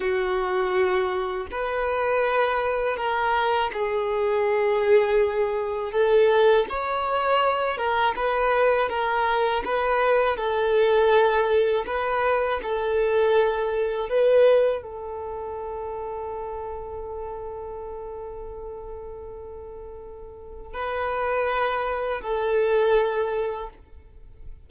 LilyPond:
\new Staff \with { instrumentName = "violin" } { \time 4/4 \tempo 4 = 81 fis'2 b'2 | ais'4 gis'2. | a'4 cis''4. ais'8 b'4 | ais'4 b'4 a'2 |
b'4 a'2 b'4 | a'1~ | a'1 | b'2 a'2 | }